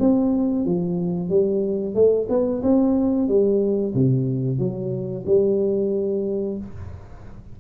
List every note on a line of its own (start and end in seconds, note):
0.00 0.66 C4
0.66 1.29 F3
1.29 1.95 G3
1.95 2.28 A3
2.29 2.62 B3
2.63 3.28 C4
3.28 3.94 G3
3.94 4.59 C3
4.59 5.25 F#3
5.26 6.58 G3